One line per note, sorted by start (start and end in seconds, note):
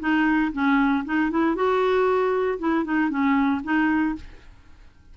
0.00 0.52 D#4
0.53 1.04 C#4
1.05 1.30 D#4
1.30 1.55 E4
1.55 2.59 F#4
2.59 2.85 E4
2.85 3.10 D#4
3.10 3.62 C#4
3.64 4.15 D#4